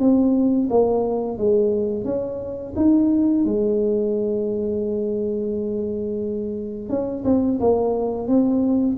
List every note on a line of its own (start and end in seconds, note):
0.00 0.69 C4
0.70 1.38 A#3
1.38 2.05 G#3
2.05 2.74 C#4
2.76 3.45 D#4
3.45 6.90 G#3
6.90 7.24 C#4
7.25 7.59 C4
7.61 8.28 A#3
8.28 8.97 C4